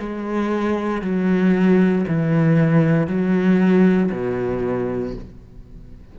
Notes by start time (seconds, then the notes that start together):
0.00 G#3
1.02 F#3
2.08 E3
3.08 F#3
4.12 B2